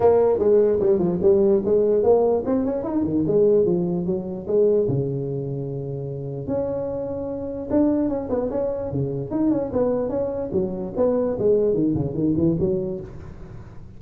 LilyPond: \new Staff \with { instrumentName = "tuba" } { \time 4/4 \tempo 4 = 148 ais4 gis4 g8 f8 g4 | gis4 ais4 c'8 cis'8 dis'8 dis8 | gis4 f4 fis4 gis4 | cis1 |
cis'2. d'4 | cis'8 b8 cis'4 cis4 dis'8 cis'8 | b4 cis'4 fis4 b4 | gis4 dis8 cis8 dis8 e8 fis4 | }